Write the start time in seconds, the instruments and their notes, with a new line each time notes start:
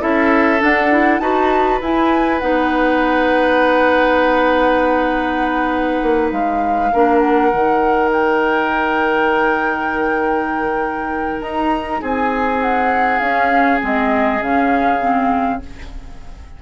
0.00 bassoon C#4, clarinet E4, oboe A4, flute E5
0.59 clarinet D4, bassoon D4, flute F#5
0.91 clarinet E4
1.19 bassoon D#4, clarinet F#4, oboe B4, flute A5
1.81 bassoon E4, clarinet E4, flute G#5
2.39 bassoon B3, clarinet D#4, flute F#5
6.02 bassoon A#3
6.32 bassoon G#3, flute F5
6.93 bassoon A#3, clarinet D4, oboe A#4
7.19 flute F#5
7.52 bassoon D#3, clarinet D#4
8.12 flute G5
11.41 bassoon D#4, flute A#5
12.01 bassoon C4, oboe G#4, flute G#5
12.62 flute F#5
13.19 bassoon C#4, clarinet C#4, flute F5
13.80 bassoon G#3, clarinet C4, flute D#5
14.40 bassoon C#3, clarinet C#4, flute F5
15.00 clarinet C4